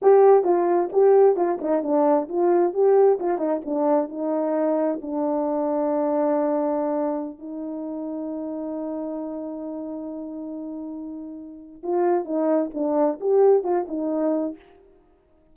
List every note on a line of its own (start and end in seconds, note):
0.01 0.44 G4
0.44 0.89 F4
0.92 1.36 G4
1.36 1.59 F4
1.61 1.83 D#4
1.83 2.28 D4
2.29 2.73 F4
2.73 3.18 G4
3.19 3.37 F4
3.37 3.60 D#4
3.65 4.08 D4
4.08 4.99 D#4
5.01 7.38 D4
7.38 11.82 D#4
11.83 12.24 F4
12.24 12.70 D#4
12.74 13.19 D4
13.20 13.63 G4
13.63 13.86 F4
13.88 14.56 D#4